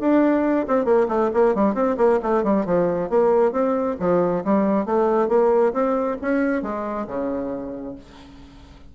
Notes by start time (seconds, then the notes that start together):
0.00 D4
0.67 C4
0.85 A#3
1.08 A3
1.34 A#3
1.55 G3
1.74 C4
1.97 A#3
2.22 A3
2.44 G3
2.66 F3
3.09 A#3
3.52 C4
4.00 F3
4.44 G3
4.85 A3
5.28 A#3
5.73 C4
6.22 C#4
6.63 G#3
7.07 C#3